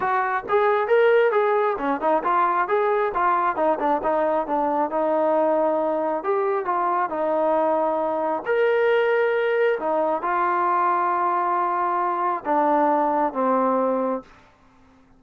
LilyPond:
\new Staff \with { instrumentName = "trombone" } { \time 4/4 \tempo 4 = 135 fis'4 gis'4 ais'4 gis'4 | cis'8 dis'8 f'4 gis'4 f'4 | dis'8 d'8 dis'4 d'4 dis'4~ | dis'2 g'4 f'4 |
dis'2. ais'4~ | ais'2 dis'4 f'4~ | f'1 | d'2 c'2 | }